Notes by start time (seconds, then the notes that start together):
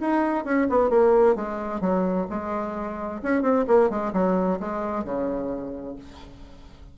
0.00 D#4
0.44 C#4
0.69 B3
0.90 A#3
1.35 G#3
1.80 F#3
2.30 G#3
3.22 C#4
3.42 C4
3.67 A#3
3.90 G#3
4.13 F#3
4.59 G#3
5.04 C#3